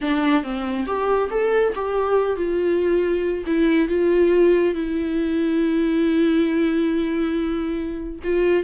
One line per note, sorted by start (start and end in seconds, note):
0.01 0.43 D4
0.43 0.86 C4
0.86 1.29 G4
1.30 1.73 A4
1.74 2.36 G4
2.36 3.44 F4
3.46 3.88 E4
3.88 4.74 F4
4.74 8.19 E4
8.23 8.63 F4